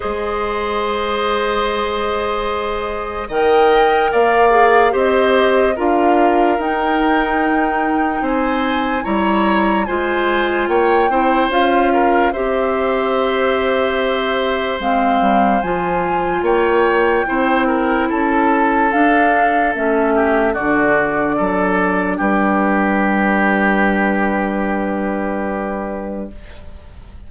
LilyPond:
<<
  \new Staff \with { instrumentName = "flute" } { \time 4/4 \tempo 4 = 73 dis''1 | g''4 f''4 dis''4 f''4 | g''2 gis''4 ais''4 | gis''4 g''4 f''4 e''4~ |
e''2 f''4 gis''4 | g''2 a''4 f''4 | e''4 d''2 b'4~ | b'1 | }
  \new Staff \with { instrumentName = "oboe" } { \time 4/4 c''1 | dis''4 d''4 c''4 ais'4~ | ais'2 c''4 cis''4 | c''4 cis''8 c''4 ais'8 c''4~ |
c''1 | cis''4 c''8 ais'8 a'2~ | a'8 g'8 fis'4 a'4 g'4~ | g'1 | }
  \new Staff \with { instrumentName = "clarinet" } { \time 4/4 gis'1 | ais'4. gis'8 g'4 f'4 | dis'2. e'4 | f'4. e'8 f'4 g'4~ |
g'2 c'4 f'4~ | f'4 e'2 d'4 | cis'4 d'2.~ | d'1 | }
  \new Staff \with { instrumentName = "bassoon" } { \time 4/4 gis1 | dis4 ais4 c'4 d'4 | dis'2 c'4 g4 | gis4 ais8 c'8 cis'4 c'4~ |
c'2 gis8 g8 f4 | ais4 c'4 cis'4 d'4 | a4 d4 fis4 g4~ | g1 | }
>>